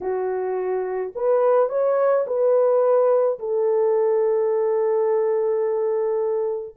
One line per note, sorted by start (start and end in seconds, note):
0.00 1.12 F#4
1.15 1.69 B4
1.69 2.25 C#5
2.26 3.38 B4
3.39 6.75 A4